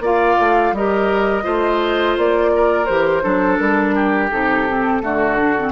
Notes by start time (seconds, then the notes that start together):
0.00 A#3 F4 D5 F5
0.40 A3
0.72 G3 G4 A#4 D#5
1.43 A3 F4 C5
2.18 A#3 D5
2.56 A#4
2.86 E3 G4 C5
3.23 F#3 D4 A4
3.58 G3 A#4
3.95 G4
4.31 C3 D#4 A4
4.68 C4
5.02 D3 A3 F#4
5.38 D4
5.58 C4